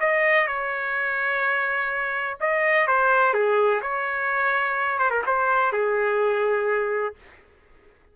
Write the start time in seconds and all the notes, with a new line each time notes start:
0.00 D#5
0.47 C#5
2.40 D#5
2.87 C5
3.34 G#4
3.82 C#5
4.99 C5
5.10 A#4
5.26 C5
5.73 G#4